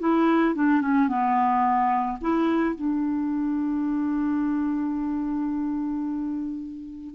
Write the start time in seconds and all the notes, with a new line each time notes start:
0.00 E4
0.55 D4
0.81 C#4
1.08 B3
2.22 E4
2.76 D4